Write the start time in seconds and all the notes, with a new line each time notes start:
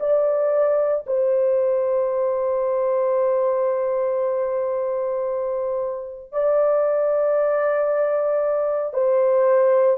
0.00 D5
1.07 C5
6.33 D5
8.94 C5